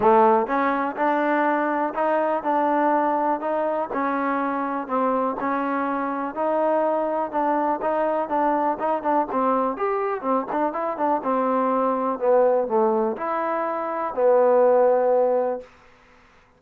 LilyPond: \new Staff \with { instrumentName = "trombone" } { \time 4/4 \tempo 4 = 123 a4 cis'4 d'2 | dis'4 d'2 dis'4 | cis'2 c'4 cis'4~ | cis'4 dis'2 d'4 |
dis'4 d'4 dis'8 d'8 c'4 | g'4 c'8 d'8 e'8 d'8 c'4~ | c'4 b4 a4 e'4~ | e'4 b2. | }